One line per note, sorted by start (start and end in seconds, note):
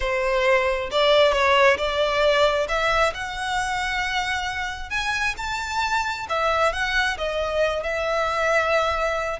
0.00 0.90 C5
0.91 1.32 D5
1.32 1.77 C#5
1.77 2.67 D5
2.68 3.13 E5
3.13 4.89 F#5
4.89 5.34 G#5
5.37 6.26 A5
6.29 6.72 E5
6.72 7.17 F#5
7.17 7.83 D#5
7.83 9.39 E5